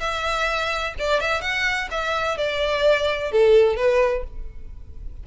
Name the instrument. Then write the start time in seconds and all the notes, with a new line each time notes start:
violin
0.00 E5
0.99 D5
1.20 E5
1.41 F#5
1.91 E5
2.37 D5
3.32 A4
3.76 B4